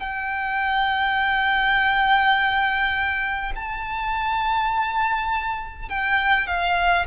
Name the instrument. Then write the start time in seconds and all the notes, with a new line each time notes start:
violin
0.00 G5
3.56 A5
5.89 G5
6.47 F5